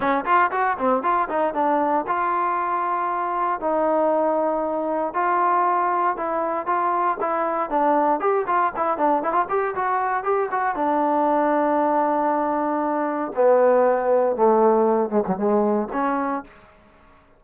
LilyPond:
\new Staff \with { instrumentName = "trombone" } { \time 4/4 \tempo 4 = 117 cis'8 f'8 fis'8 c'8 f'8 dis'8 d'4 | f'2. dis'4~ | dis'2 f'2 | e'4 f'4 e'4 d'4 |
g'8 f'8 e'8 d'8 e'16 f'16 g'8 fis'4 | g'8 fis'8 d'2.~ | d'2 b2 | a4. gis16 fis16 gis4 cis'4 | }